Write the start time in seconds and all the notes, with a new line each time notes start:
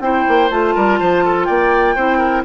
0.00 C4 E4 C5 G5
0.28 A#3
0.50 A3 F4 A5
0.75 G3 A#4
1.00 F3 C5
1.25 A4
1.45 A#3 D5 G5
1.95 C4 E4 C5
2.18 A#4